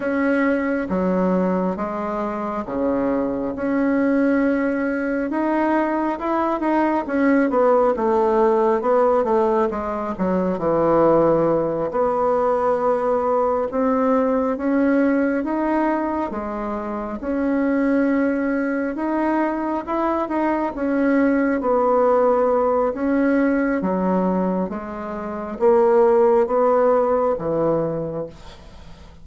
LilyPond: \new Staff \with { instrumentName = "bassoon" } { \time 4/4 \tempo 4 = 68 cis'4 fis4 gis4 cis4 | cis'2 dis'4 e'8 dis'8 | cis'8 b8 a4 b8 a8 gis8 fis8 | e4. b2 c'8~ |
c'8 cis'4 dis'4 gis4 cis'8~ | cis'4. dis'4 e'8 dis'8 cis'8~ | cis'8 b4. cis'4 fis4 | gis4 ais4 b4 e4 | }